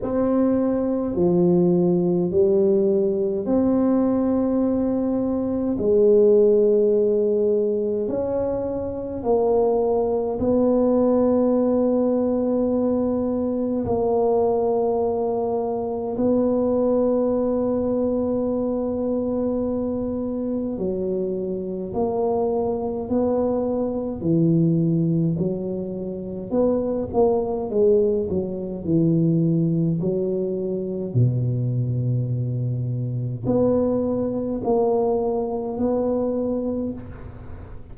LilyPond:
\new Staff \with { instrumentName = "tuba" } { \time 4/4 \tempo 4 = 52 c'4 f4 g4 c'4~ | c'4 gis2 cis'4 | ais4 b2. | ais2 b2~ |
b2 fis4 ais4 | b4 e4 fis4 b8 ais8 | gis8 fis8 e4 fis4 b,4~ | b,4 b4 ais4 b4 | }